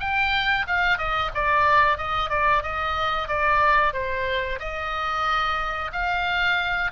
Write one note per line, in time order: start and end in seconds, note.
0.00 0.66 G5
0.67 0.98 F5
0.98 1.31 D#5
1.34 1.98 D5
1.98 2.30 D#5
2.30 2.63 D5
2.63 3.28 D#5
3.28 3.93 D5
3.93 4.59 C5
4.59 5.91 D#5
5.93 6.91 F5